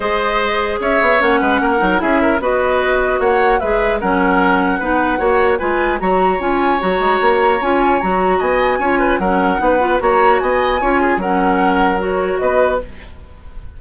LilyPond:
<<
  \new Staff \with { instrumentName = "flute" } { \time 4/4 \tempo 4 = 150 dis''2 e''4 fis''4~ | fis''4 e''4 dis''2 | fis''4 e''4 fis''2~ | fis''2 gis''4 ais''4 |
gis''4 ais''2 gis''4 | ais''4 gis''2 fis''4~ | fis''4 ais''4 gis''2 | fis''2 cis''4 dis''4 | }
  \new Staff \with { instrumentName = "oboe" } { \time 4/4 c''2 cis''4. b'8 | ais'4 gis'8 ais'8 b'2 | cis''4 b'4 ais'2 | b'4 cis''4 b'4 cis''4~ |
cis''1~ | cis''4 dis''4 cis''8 b'8 ais'4 | b'4 cis''4 dis''4 cis''8 gis'8 | ais'2. b'4 | }
  \new Staff \with { instrumentName = "clarinet" } { \time 4/4 gis'2. cis'4~ | cis'8 dis'8 e'4 fis'2~ | fis'4 gis'4 cis'2 | dis'4 fis'4 f'4 fis'4 |
f'4 fis'2 f'4 | fis'2 f'4 cis'4 | dis'8 f'8 fis'2 f'4 | cis'2 fis'2 | }
  \new Staff \with { instrumentName = "bassoon" } { \time 4/4 gis2 cis'8 b8 ais8 gis8 | ais8 fis8 cis'4 b2 | ais4 gis4 fis2 | b4 ais4 gis4 fis4 |
cis'4 fis8 gis8 ais4 cis'4 | fis4 b4 cis'4 fis4 | b4 ais4 b4 cis'4 | fis2. b4 | }
>>